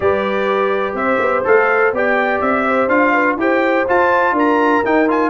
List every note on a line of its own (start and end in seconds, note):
0.00 0.93 G3
0.00 1.44 G4
0.00 0.97 B4
0.00 0.95 D5
0.93 1.18 C4
0.93 1.94 C5
0.93 1.44 E5
1.19 1.43 B3
1.44 1.92 A3
1.44 1.92 A4
1.44 1.95 F5
1.92 2.40 B3
1.92 2.89 G4
1.92 2.66 D5
1.92 2.40 G5
2.40 2.88 C4
2.40 2.88 E5
2.67 3.12 C5
2.88 3.36 D4
2.88 3.38 F4
2.88 3.37 F5
3.12 3.37 B4
3.36 3.85 E4
3.36 3.86 G4
3.36 4.34 C5
3.36 3.88 G5
3.87 4.84 F4
3.87 4.32 F4
3.87 4.37 A5
4.32 4.80 D4
4.32 5.30 A#4
4.38 4.85 A#5
4.84 5.30 D#4
4.84 5.08 D#4
4.84 5.09 G5
5.08 5.30 F4
5.08 5.30 G#5